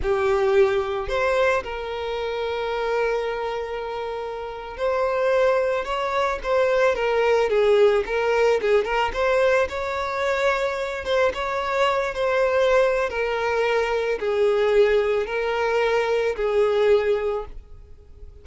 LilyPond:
\new Staff \with { instrumentName = "violin" } { \time 4/4 \tempo 4 = 110 g'2 c''4 ais'4~ | ais'1~ | ais'8. c''2 cis''4 c''16~ | c''8. ais'4 gis'4 ais'4 gis'16~ |
gis'16 ais'8 c''4 cis''2~ cis''16~ | cis''16 c''8 cis''4. c''4.~ c''16 | ais'2 gis'2 | ais'2 gis'2 | }